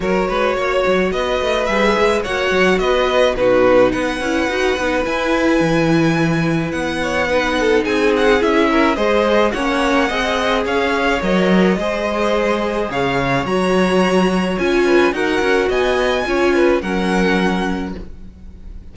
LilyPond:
<<
  \new Staff \with { instrumentName = "violin" } { \time 4/4 \tempo 4 = 107 cis''2 dis''4 e''4 | fis''4 dis''4 b'4 fis''4~ | fis''4 gis''2. | fis''2 gis''8 fis''8 e''4 |
dis''4 fis''2 f''4 | dis''2. f''4 | ais''2 gis''4 fis''4 | gis''2 fis''2 | }
  \new Staff \with { instrumentName = "violin" } { \time 4/4 ais'8 b'8 cis''4 b'2 | cis''4 b'4 fis'4 b'4~ | b'1~ | b'8 cis''8 b'8 a'8 gis'4. ais'8 |
c''4 cis''4 dis''4 cis''4~ | cis''4 c''2 cis''4~ | cis''2~ cis''8 b'8 ais'4 | dis''4 cis''8 b'8 ais'2 | }
  \new Staff \with { instrumentName = "viola" } { \time 4/4 fis'2. gis'4 | fis'2 dis'4. e'8 | fis'8 dis'8 e'2.~ | e'4 dis'2 e'4 |
gis'4 cis'4 gis'2 | ais'4 gis'2. | fis'2 f'4 fis'4~ | fis'4 f'4 cis'2 | }
  \new Staff \with { instrumentName = "cello" } { \time 4/4 fis8 gis8 ais8 fis8 b8 a8 g8 gis8 | ais8 fis8 b4 b,4 b8 cis'8 | dis'8 b8 e'4 e2 | b2 c'4 cis'4 |
gis4 ais4 c'4 cis'4 | fis4 gis2 cis4 | fis2 cis'4 dis'8 cis'8 | b4 cis'4 fis2 | }
>>